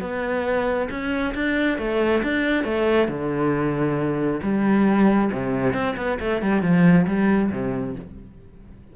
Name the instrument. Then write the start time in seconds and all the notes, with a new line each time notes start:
cello
0.00 B3
0.90 C#4
1.34 D4
1.78 A3
2.23 D4
2.64 A3
3.08 D3
4.42 G3
5.32 C3
5.73 C4
5.96 B3
6.19 A3
6.41 G3
6.62 F3
7.06 G3
7.51 C3